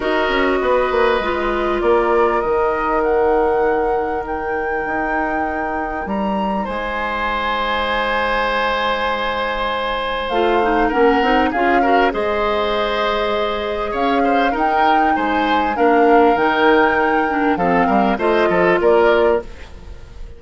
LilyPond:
<<
  \new Staff \with { instrumentName = "flute" } { \time 4/4 \tempo 4 = 99 dis''2. d''4 | dis''4 fis''2 g''4~ | g''2 ais''4 gis''4~ | gis''1~ |
gis''4 f''4 fis''4 f''4 | dis''2. f''4 | g''4 gis''4 f''4 g''4~ | g''4 f''4 dis''4 d''4 | }
  \new Staff \with { instrumentName = "oboe" } { \time 4/4 ais'4 b'2 ais'4~ | ais'1~ | ais'2. c''4~ | c''1~ |
c''2 ais'4 gis'8 ais'8 | c''2. cis''8 c''8 | ais'4 c''4 ais'2~ | ais'4 a'8 ais'8 c''8 a'8 ais'4 | }
  \new Staff \with { instrumentName = "clarinet" } { \time 4/4 fis'2 f'2 | dis'1~ | dis'1~ | dis'1~ |
dis'4 f'8 dis'8 cis'8 dis'8 f'8 fis'8 | gis'1 | dis'2 d'4 dis'4~ | dis'8 d'8 c'4 f'2 | }
  \new Staff \with { instrumentName = "bassoon" } { \time 4/4 dis'8 cis'8 b8 ais8 gis4 ais4 | dis1 | dis'2 g4 gis4~ | gis1~ |
gis4 a4 ais8 c'8 cis'4 | gis2. cis'4 | dis'4 gis4 ais4 dis4~ | dis4 f8 g8 a8 f8 ais4 | }
>>